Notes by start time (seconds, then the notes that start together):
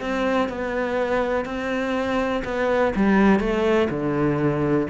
0.00 C4
0.49 B3
1.45 C4
2.44 B3
2.96 G3
3.39 A3
3.90 D3